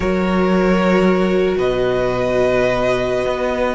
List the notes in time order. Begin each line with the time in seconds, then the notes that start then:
0.00 F#3 F#4 A#4 C#5
1.57 B2 B4 D#5
3.25 B3